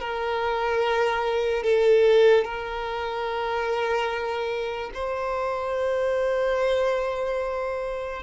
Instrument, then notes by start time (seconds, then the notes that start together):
violin
0.00 A#4
1.63 A4
2.44 A#4
4.94 C5